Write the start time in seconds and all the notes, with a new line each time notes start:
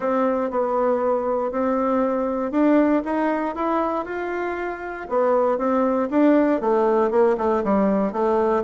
0.00 C4
0.50 B3
1.51 C4
2.51 D4
3.04 D#4
3.55 E4
4.05 F4
5.09 B3
5.58 C4
6.10 D4
6.61 A3
7.10 A#3
7.37 A3
7.64 G3
8.12 A3